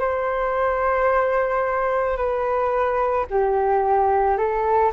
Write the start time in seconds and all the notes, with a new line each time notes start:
0.00 C5
2.17 B4
3.30 G4
4.38 A4